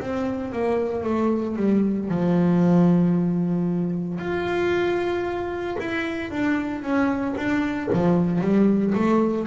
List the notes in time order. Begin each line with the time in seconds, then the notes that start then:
0.00 C4
0.52 A#3
1.04 A3
1.56 G3
2.09 F3
4.19 F4
5.79 E4
6.31 D4
6.82 C#4
7.37 D4
7.93 F3
8.41 G3
8.95 A3